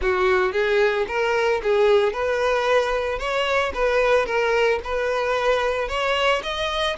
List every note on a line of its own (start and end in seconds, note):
0.01 0.52 F#4
0.52 1.06 G#4
1.07 1.61 A#4
1.62 2.12 G#4
2.12 3.19 B4
3.19 3.72 C#5
3.74 4.26 B4
4.26 4.79 A#4
4.84 5.88 B4
5.88 6.41 C#5
6.42 6.96 D#5